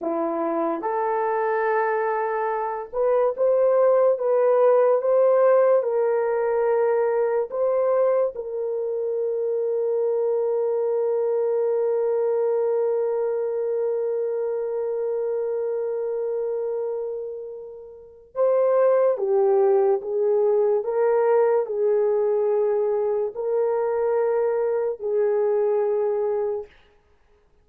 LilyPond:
\new Staff \with { instrumentName = "horn" } { \time 4/4 \tempo 4 = 72 e'4 a'2~ a'8 b'8 | c''4 b'4 c''4 ais'4~ | ais'4 c''4 ais'2~ | ais'1~ |
ais'1~ | ais'2 c''4 g'4 | gis'4 ais'4 gis'2 | ais'2 gis'2 | }